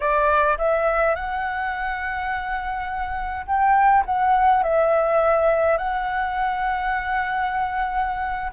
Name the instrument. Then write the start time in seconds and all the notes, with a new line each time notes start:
flute
0.00 D5
0.57 E5
1.15 F#5
3.46 G5
4.05 F#5
4.63 E5
5.77 F#5